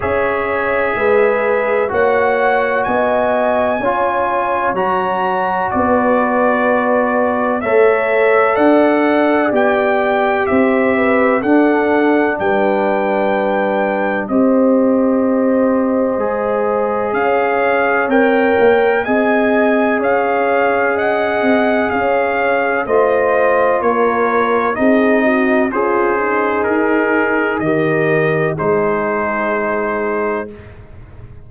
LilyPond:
<<
  \new Staff \with { instrumentName = "trumpet" } { \time 4/4 \tempo 4 = 63 e''2 fis''4 gis''4~ | gis''4 ais''4 d''2 | e''4 fis''4 g''4 e''4 | fis''4 g''2 dis''4~ |
dis''2 f''4 g''4 | gis''4 f''4 fis''4 f''4 | dis''4 cis''4 dis''4 c''4 | ais'4 dis''4 c''2 | }
  \new Staff \with { instrumentName = "horn" } { \time 4/4 cis''4 b'4 cis''4 dis''4 | cis''2 b'2 | cis''4 d''2 c''8 b'8 | a'4 b'2 c''4~ |
c''2 cis''2 | dis''4 cis''4 dis''4 cis''4 | c''4 ais'4 gis'8 fis'8 f'8 dis'8~ | dis'4 ais'4 gis'2 | }
  \new Staff \with { instrumentName = "trombone" } { \time 4/4 gis'2 fis'2 | f'4 fis'2. | a'2 g'2 | d'2. g'4~ |
g'4 gis'2 ais'4 | gis'1 | f'2 dis'4 gis'4~ | gis'4 g'4 dis'2 | }
  \new Staff \with { instrumentName = "tuba" } { \time 4/4 cis'4 gis4 ais4 b4 | cis'4 fis4 b2 | a4 d'4 b4 c'4 | d'4 g2 c'4~ |
c'4 gis4 cis'4 c'8 ais8 | c'4 cis'4. c'8 cis'4 | a4 ais4 c'4 cis'4 | dis'4 dis4 gis2 | }
>>